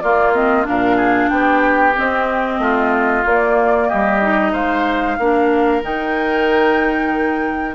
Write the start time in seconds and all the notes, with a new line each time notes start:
0.00 A#3 F4 D5
0.33 C4 D#5
0.63 A#2 D4 A#4 F5
0.96 G#4
1.29 B3 G4 G5
1.96 C4 D#5
2.58 A3 F4
3.25 A#3 D5
3.88 G3 G4 D#5
4.21 D#4
4.52 G#3 C5 F5
5.18 A#3 D4 A#4
5.82 D#3 D#4 G5